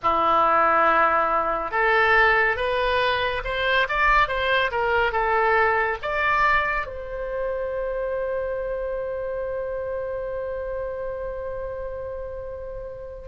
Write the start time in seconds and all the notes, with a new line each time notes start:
0.02 E4
1.71 A4
2.56 B4
3.44 C5
3.88 D5
4.28 C5
4.71 A#4
5.12 A4
6.02 D5
6.86 C5